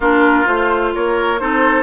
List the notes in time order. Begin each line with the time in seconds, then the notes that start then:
0.00 A#3 D4 F4 A#4
0.45 A3 F4 C5
0.94 A#3 A#4 C#5
1.39 C4 D#4 A4 C5